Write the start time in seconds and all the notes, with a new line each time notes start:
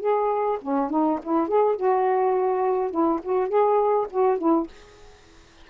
0.00 G#4
0.62 C#4
0.90 D#4
1.23 E4
1.48 G#4
1.76 F#4
2.91 E4
3.23 F#4
3.48 G#4
4.11 F#4
4.38 E4